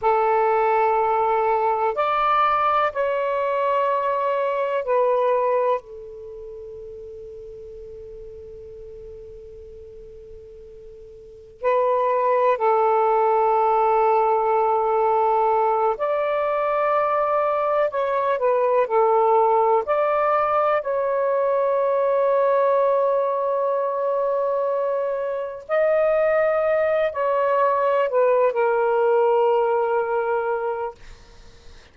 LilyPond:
\new Staff \with { instrumentName = "saxophone" } { \time 4/4 \tempo 4 = 62 a'2 d''4 cis''4~ | cis''4 b'4 a'2~ | a'1 | b'4 a'2.~ |
a'8 d''2 cis''8 b'8 a'8~ | a'8 d''4 cis''2~ cis''8~ | cis''2~ cis''8 dis''4. | cis''4 b'8 ais'2~ ais'8 | }